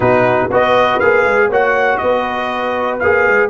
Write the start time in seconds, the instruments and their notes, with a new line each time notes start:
0.00 tuba B2, trombone D#4, horn F#4, trumpet B4
0.50 tuba B3, trombone F#4, horn B4, trumpet D#5
0.99 tuba A#3, trombone G#4, trumpet F5
1.23 tuba G#3
1.48 tuba A#3, trombone F#4, horn C#5, trumpet F#5
1.97 tuba B3, horn B4, trumpet D#5
2.99 tuba A#3, trombone G#4, trumpet F5
3.27 tuba G#3